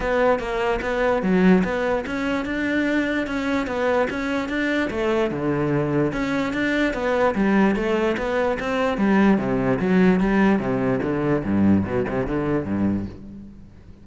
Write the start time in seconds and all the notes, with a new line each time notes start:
0.00 B3
0.39 A#3
0.81 B3
1.22 F#3
1.63 B3
2.06 C#4
2.45 D4
3.27 C#4
3.66 B3
4.09 C#4
4.48 D4
4.90 A3
5.30 D3
6.12 C#4
6.53 D4
6.93 B3
7.35 G3
7.75 A3
8.17 B3
8.59 C4
8.97 G3
9.38 C3
9.79 F#3
10.20 G3
10.59 C3
11.02 D3
11.44 G2
11.85 B2
12.08 C3
12.26 D3
12.65 G2